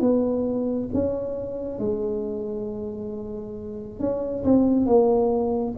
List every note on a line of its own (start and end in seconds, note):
0.00 0.88 B3
0.93 1.78 C#4
1.78 3.99 G#3
3.99 4.43 C#4
4.44 4.85 C4
4.85 5.74 A#3